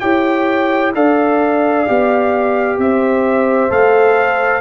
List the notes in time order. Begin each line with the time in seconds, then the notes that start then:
0.00 E4 G4 C#5 G5
0.95 D4 A4 D5 F5
1.87 B3 G4
2.78 C4 C5 E5
3.70 A3 A4 F5